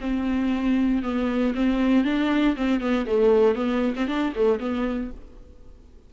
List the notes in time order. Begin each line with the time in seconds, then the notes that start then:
0.00 C4
1.02 B3
1.55 C4
2.04 D4
2.56 C4
2.80 B3
3.06 A3
3.55 B3
3.96 C4
4.07 D4
4.35 A3
4.59 B3